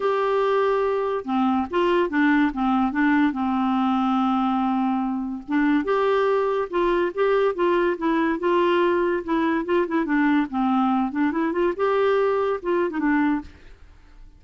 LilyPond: \new Staff \with { instrumentName = "clarinet" } { \time 4/4 \tempo 4 = 143 g'2. c'4 | f'4 d'4 c'4 d'4 | c'1~ | c'4 d'4 g'2 |
f'4 g'4 f'4 e'4 | f'2 e'4 f'8 e'8 | d'4 c'4. d'8 e'8 f'8 | g'2 f'8. dis'16 d'4 | }